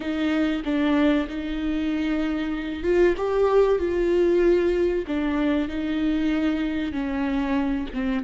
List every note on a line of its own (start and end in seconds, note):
0.00 0.62 D#4
0.64 1.27 D4
1.28 2.83 D#4
2.83 3.14 F4
3.17 3.78 G4
3.78 5.05 F4
5.07 5.68 D4
5.68 6.92 D#4
6.92 7.87 C#4
7.93 8.24 C4